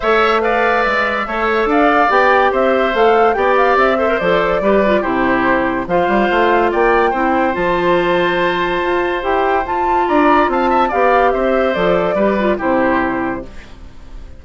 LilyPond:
<<
  \new Staff \with { instrumentName = "flute" } { \time 4/4 \tempo 4 = 143 e''4 f''4 e''2 | f''4 g''4 e''4 f''4 | g''8 f''8 e''4 d''2 | c''2 f''2 |
g''2 a''2~ | a''2 g''4 a''4 | ais''4 a''4 f''4 e''4 | d''2 c''2 | }
  \new Staff \with { instrumentName = "oboe" } { \time 4/4 cis''4 d''2 cis''4 | d''2 c''2 | d''4. c''4. b'4 | g'2 c''2 |
d''4 c''2.~ | c''1 | d''4 f''8 e''8 d''4 c''4~ | c''4 b'4 g'2 | }
  \new Staff \with { instrumentName = "clarinet" } { \time 4/4 a'4 b'2 a'4~ | a'4 g'2 a'4 | g'4. a'16 ais'16 a'4 g'8 f'8 | e'2 f'2~ |
f'4 e'4 f'2~ | f'2 g'4 f'4~ | f'2 g'2 | a'4 g'8 f'8 e'2 | }
  \new Staff \with { instrumentName = "bassoon" } { \time 4/4 a2 gis4 a4 | d'4 b4 c'4 a4 | b4 c'4 f4 g4 | c2 f8 g8 a4 |
ais4 c'4 f2~ | f4 f'4 e'4 f'4 | d'4 c'4 b4 c'4 | f4 g4 c2 | }
>>